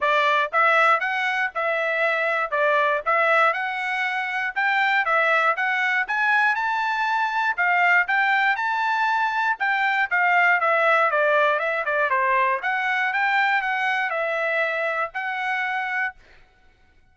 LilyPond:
\new Staff \with { instrumentName = "trumpet" } { \time 4/4 \tempo 4 = 119 d''4 e''4 fis''4 e''4~ | e''4 d''4 e''4 fis''4~ | fis''4 g''4 e''4 fis''4 | gis''4 a''2 f''4 |
g''4 a''2 g''4 | f''4 e''4 d''4 e''8 d''8 | c''4 fis''4 g''4 fis''4 | e''2 fis''2 | }